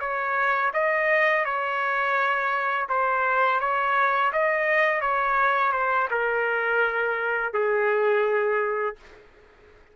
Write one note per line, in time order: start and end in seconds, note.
0.00 0.71 C#5
0.73 1.44 D#5
1.45 2.88 C#5
2.89 3.60 C5
3.60 4.31 C#5
4.32 5.01 D#5
5.01 5.72 C#5
5.72 6.08 C5
6.10 7.53 A#4
7.53 8.96 G#4